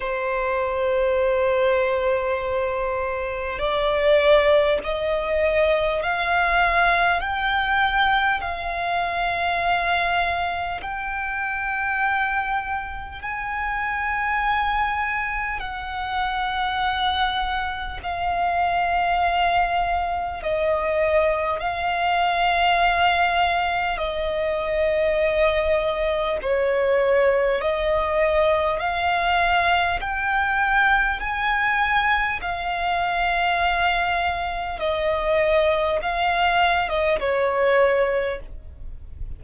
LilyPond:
\new Staff \with { instrumentName = "violin" } { \time 4/4 \tempo 4 = 50 c''2. d''4 | dis''4 f''4 g''4 f''4~ | f''4 g''2 gis''4~ | gis''4 fis''2 f''4~ |
f''4 dis''4 f''2 | dis''2 cis''4 dis''4 | f''4 g''4 gis''4 f''4~ | f''4 dis''4 f''8. dis''16 cis''4 | }